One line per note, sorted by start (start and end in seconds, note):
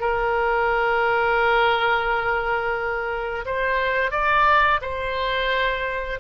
0.00 3.45 A#4
3.45 4.11 C5
4.11 4.80 D5
4.81 6.19 C5